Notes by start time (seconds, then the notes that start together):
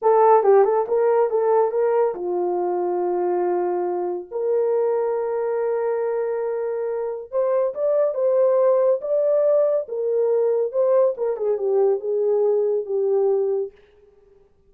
0.02 A4
0.43 G4
0.64 A4
0.88 A#4
1.30 A4
1.71 A#4
2.14 F4
4.31 A#4
7.31 C5
7.74 D5
8.14 C5
9.01 D5
9.88 A#4
10.72 C5
11.17 A#4
11.36 G#4
11.57 G4
11.99 G#4
12.85 G4